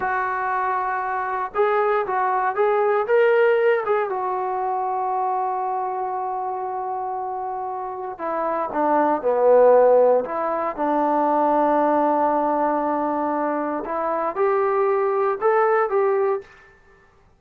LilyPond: \new Staff \with { instrumentName = "trombone" } { \time 4/4 \tempo 4 = 117 fis'2. gis'4 | fis'4 gis'4 ais'4. gis'8 | fis'1~ | fis'1 |
e'4 d'4 b2 | e'4 d'2.~ | d'2. e'4 | g'2 a'4 g'4 | }